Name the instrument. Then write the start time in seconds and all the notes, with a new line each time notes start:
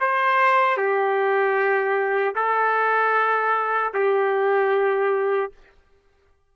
trumpet
0.00 C5
0.77 G4
2.35 A4
3.94 G4